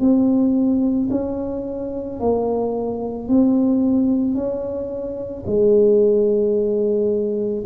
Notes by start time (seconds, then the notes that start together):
0.00 C4
1.11 C#4
2.20 A#3
3.28 C4
4.34 C#4
5.46 G#3